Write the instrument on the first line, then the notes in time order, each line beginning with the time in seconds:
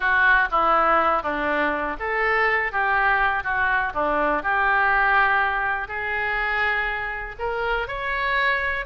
oboe
0.00 F#4
0.51 E4
1.23 D4
1.99 A4
2.72 G4
3.43 F#4
3.94 D4
4.43 G4
5.87 G#4
7.38 A#4
7.87 C#5